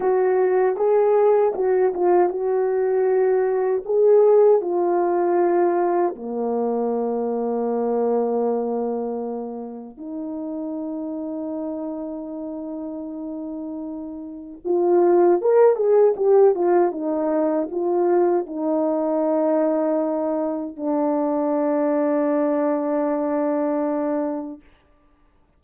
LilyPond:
\new Staff \with { instrumentName = "horn" } { \time 4/4 \tempo 4 = 78 fis'4 gis'4 fis'8 f'8 fis'4~ | fis'4 gis'4 f'2 | ais1~ | ais4 dis'2.~ |
dis'2. f'4 | ais'8 gis'8 g'8 f'8 dis'4 f'4 | dis'2. d'4~ | d'1 | }